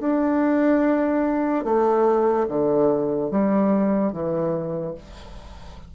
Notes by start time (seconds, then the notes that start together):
0.00 D4
1.64 A3
2.48 D3
3.31 G3
4.12 E3